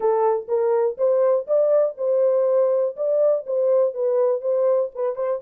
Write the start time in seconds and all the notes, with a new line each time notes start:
0.00 A4
0.48 A#4
0.97 C5
1.47 D5
1.97 C5
2.96 D5
3.46 C5
3.94 B4
4.41 C5
4.94 B4
5.15 C5